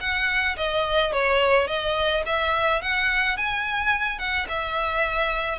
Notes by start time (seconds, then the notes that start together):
0.00 F#5
0.57 D#5
1.12 C#5
1.67 D#5
2.26 E5
2.82 F#5
3.37 G#5
4.18 F#5
4.49 E5